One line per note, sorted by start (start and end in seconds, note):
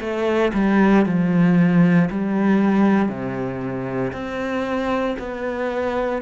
0.00 0.52 A3
0.54 1.05 G3
1.06 2.09 F3
2.10 3.08 G3
3.08 4.12 C3
4.12 5.16 C4
5.19 6.22 B3